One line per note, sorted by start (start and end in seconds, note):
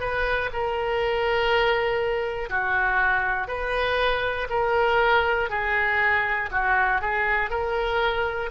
0.00 0.50 B4
0.52 2.50 A#4
2.50 3.47 F#4
3.47 4.47 B4
4.49 5.49 A#4
5.50 6.50 G#4
6.51 7.01 F#4
7.01 7.50 G#4
7.50 8.50 A#4